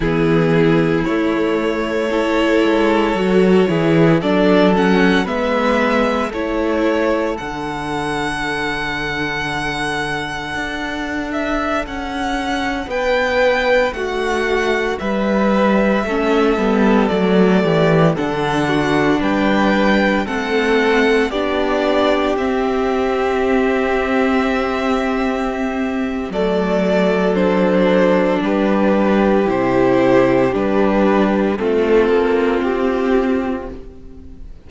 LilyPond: <<
  \new Staff \with { instrumentName = "violin" } { \time 4/4 \tempo 4 = 57 gis'4 cis''2. | d''8 fis''8 e''4 cis''4 fis''4~ | fis''2~ fis''8. e''8 fis''8.~ | fis''16 g''4 fis''4 e''4.~ e''16~ |
e''16 d''4 fis''4 g''4 fis''8.~ | fis''16 d''4 e''2~ e''8.~ | e''4 d''4 c''4 b'4 | c''4 b'4 a'4 g'4 | }
  \new Staff \with { instrumentName = "violin" } { \time 4/4 e'2 a'4. gis'8 | a'4 b'4 a'2~ | a'1~ | a'16 b'4 fis'4 b'4 a'8.~ |
a'8. g'8 a'8 fis'8 b'4 a'8.~ | a'16 g'2.~ g'8.~ | g'4 a'2 g'4~ | g'2 f'2 | }
  \new Staff \with { instrumentName = "viola" } { \time 4/4 b4 a4 e'4 fis'8 e'8 | d'8 cis'8 b4 e'4 d'4~ | d'1~ | d'2.~ d'16 cis'8 b16~ |
b16 a4 d'2 c'8.~ | c'16 d'4 c'2~ c'8.~ | c'4 a4 d'2 | e'4 d'4 c'2 | }
  \new Staff \with { instrumentName = "cello" } { \time 4/4 e4 a4. gis8 fis8 e8 | fis4 gis4 a4 d4~ | d2 d'4~ d'16 cis'8.~ | cis'16 b4 a4 g4 a8 g16~ |
g16 fis8 e8 d4 g4 a8.~ | a16 b4 c'2~ c'8.~ | c'4 fis2 g4 | c4 g4 a8 ais8 c'4 | }
>>